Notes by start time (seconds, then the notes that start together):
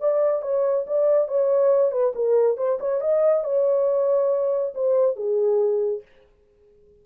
0.00 D5
0.42 C#5
0.87 D5
1.28 C#5
1.92 B4
2.16 A#4
2.57 C5
2.80 C#5
3.01 D#5
3.44 C#5
4.75 C5
5.16 G#4